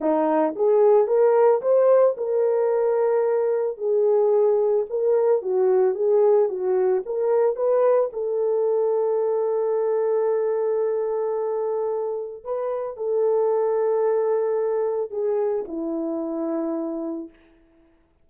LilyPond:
\new Staff \with { instrumentName = "horn" } { \time 4/4 \tempo 4 = 111 dis'4 gis'4 ais'4 c''4 | ais'2. gis'4~ | gis'4 ais'4 fis'4 gis'4 | fis'4 ais'4 b'4 a'4~ |
a'1~ | a'2. b'4 | a'1 | gis'4 e'2. | }